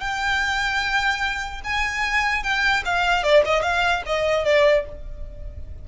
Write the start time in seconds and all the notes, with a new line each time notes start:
0.00 G5
1.64 G#5
2.43 G5
2.85 F5
3.23 D5
3.45 D#5
3.62 F5
4.06 D#5
4.45 D5